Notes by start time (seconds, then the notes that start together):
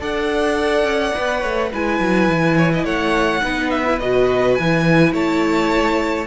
0.00 D4 A4 D5 F#5
0.84 C#4
1.15 B3 B4
1.40 A3 C#5
1.72 G#3 E4 B4 G#5
2.00 F#3
2.28 E3
2.57 C#5
2.73 D#5
2.84 A3 C#5 F#5
3.43 B3 D#4 B4
3.70 E5
3.86 E4
4.00 B2 F#4 D#5
4.55 E3 E4 G#5
5.13 A3 C#5 A5